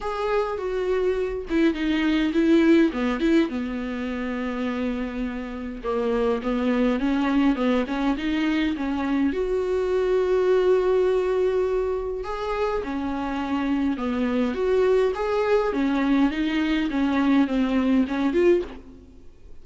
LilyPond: \new Staff \with { instrumentName = "viola" } { \time 4/4 \tempo 4 = 103 gis'4 fis'4. e'8 dis'4 | e'4 b8 e'8 b2~ | b2 ais4 b4 | cis'4 b8 cis'8 dis'4 cis'4 |
fis'1~ | fis'4 gis'4 cis'2 | b4 fis'4 gis'4 cis'4 | dis'4 cis'4 c'4 cis'8 f'8 | }